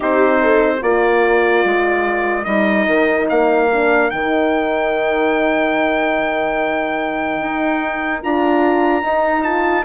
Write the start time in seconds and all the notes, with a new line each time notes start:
0.00 C4 D#4 G4 C5
0.42 A4
0.81 A#3 F4 A#4 D5
1.64 G#3
2.44 G3 D#4 D#5
2.86 D#3
3.29 A#3 F5
3.72 D4
4.10 D#3 D#4 G5
7.40 D#4
8.22 D4 F4 A#5
9.01 D#4
9.43 F4 A5